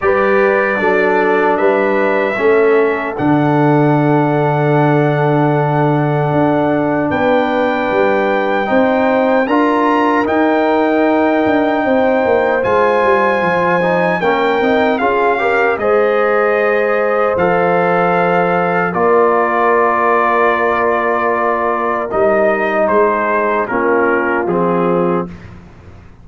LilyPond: <<
  \new Staff \with { instrumentName = "trumpet" } { \time 4/4 \tempo 4 = 76 d''2 e''2 | fis''1~ | fis''4 g''2. | ais''4 g''2. |
gis''2 g''4 f''4 | dis''2 f''2 | d''1 | dis''4 c''4 ais'4 gis'4 | }
  \new Staff \with { instrumentName = "horn" } { \time 4/4 b'4 a'4 b'4 a'4~ | a'1~ | a'4 b'2 c''4 | ais'2. c''4~ |
c''2 ais'4 gis'8 ais'8 | c''1 | ais'1~ | ais'4 gis'4 f'2 | }
  \new Staff \with { instrumentName = "trombone" } { \time 4/4 g'4 d'2 cis'4 | d'1~ | d'2. dis'4 | f'4 dis'2. |
f'4. dis'8 cis'8 dis'8 f'8 g'8 | gis'2 a'2 | f'1 | dis'2 cis'4 c'4 | }
  \new Staff \with { instrumentName = "tuba" } { \time 4/4 g4 fis4 g4 a4 | d1 | d'4 b4 g4 c'4 | d'4 dis'4. d'8 c'8 ais8 |
gis8 g8 f4 ais8 c'8 cis'4 | gis2 f2 | ais1 | g4 gis4 ais4 f4 | }
>>